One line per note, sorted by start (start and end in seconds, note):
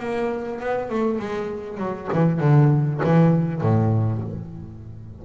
0.00 0.61 A#3
0.61 0.90 B3
0.90 1.19 A3
1.19 1.78 G#3
1.78 2.09 F#3
2.13 2.41 E3
2.41 3.01 D3
3.04 3.62 E3
3.62 4.22 A2